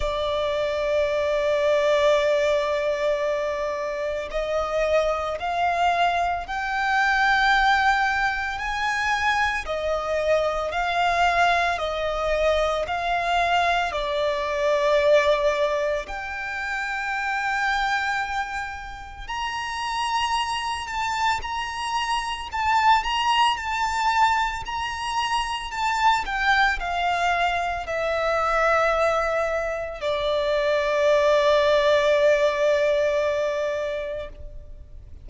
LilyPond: \new Staff \with { instrumentName = "violin" } { \time 4/4 \tempo 4 = 56 d''1 | dis''4 f''4 g''2 | gis''4 dis''4 f''4 dis''4 | f''4 d''2 g''4~ |
g''2 ais''4. a''8 | ais''4 a''8 ais''8 a''4 ais''4 | a''8 g''8 f''4 e''2 | d''1 | }